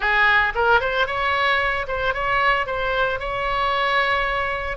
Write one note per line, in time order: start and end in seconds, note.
0.00 0.53 G#4
0.54 0.80 A#4
0.80 1.06 C5
1.06 1.86 C#5
1.87 2.14 C5
2.14 2.66 C#5
2.66 3.19 C5
3.19 4.77 C#5